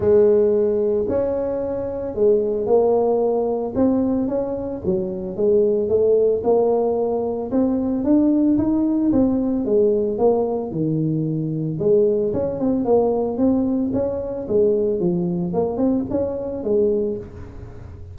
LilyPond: \new Staff \with { instrumentName = "tuba" } { \time 4/4 \tempo 4 = 112 gis2 cis'2 | gis4 ais2 c'4 | cis'4 fis4 gis4 a4 | ais2 c'4 d'4 |
dis'4 c'4 gis4 ais4 | dis2 gis4 cis'8 c'8 | ais4 c'4 cis'4 gis4 | f4 ais8 c'8 cis'4 gis4 | }